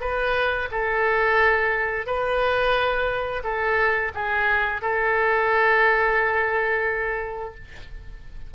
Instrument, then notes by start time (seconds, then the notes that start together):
oboe
0.00 B4
0.71 A4
2.06 B4
3.43 A4
4.14 G#4
4.81 A4